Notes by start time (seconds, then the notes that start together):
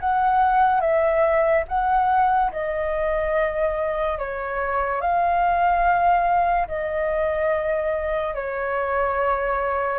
0.00 F#5
0.81 E5
1.69 F#5
2.52 D#5
4.19 C#5
5.01 F5
6.68 D#5
8.35 C#5